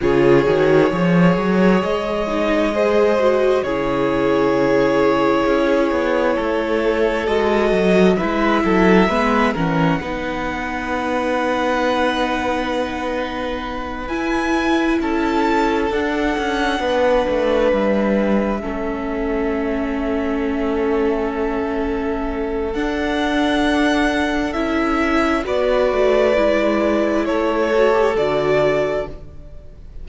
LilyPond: <<
  \new Staff \with { instrumentName = "violin" } { \time 4/4 \tempo 4 = 66 cis''2 dis''2 | cis''1 | dis''4 e''4. fis''4.~ | fis''2.~ fis''8 gis''8~ |
gis''8 a''4 fis''2 e''8~ | e''1~ | e''4 fis''2 e''4 | d''2 cis''4 d''4 | }
  \new Staff \with { instrumentName = "violin" } { \time 4/4 gis'4 cis''2 c''4 | gis'2. a'4~ | a'4 b'8 a'8 b'8 ais'8 b'4~ | b'1~ |
b'8 a'2 b'4.~ | b'8 a'2.~ a'8~ | a'1 | b'2 a'2 | }
  \new Staff \with { instrumentName = "viola" } { \time 4/4 f'8 fis'8 gis'4. dis'8 gis'8 fis'8 | e'1 | fis'4 e'4 b8 cis'8 dis'4~ | dis'2.~ dis'8 e'8~ |
e'4. d'2~ d'8~ | d'8 cis'2.~ cis'8~ | cis'4 d'2 e'4 | fis'4 e'4. fis'16 g'16 fis'4 | }
  \new Staff \with { instrumentName = "cello" } { \time 4/4 cis8 dis8 f8 fis8 gis2 | cis2 cis'8 b8 a4 | gis8 fis8 gis8 fis8 gis8 e8 b4~ | b2.~ b8 e'8~ |
e'8 cis'4 d'8 cis'8 b8 a8 g8~ | g8 a2.~ a8~ | a4 d'2 cis'4 | b8 a8 gis4 a4 d4 | }
>>